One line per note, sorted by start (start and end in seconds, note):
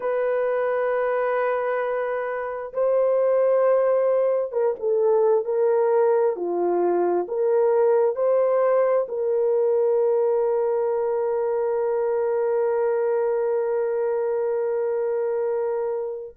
0.00 2.73 B4
2.73 4.52 C5
4.52 4.74 A#4
4.79 5.45 A4
5.45 6.36 A#4
6.36 7.26 F4
7.27 8.15 A#4
8.15 9.06 C5
9.08 16.35 A#4